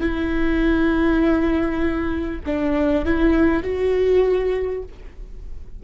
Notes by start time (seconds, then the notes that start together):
0.00 E4
2.45 D4
3.05 E4
3.63 F#4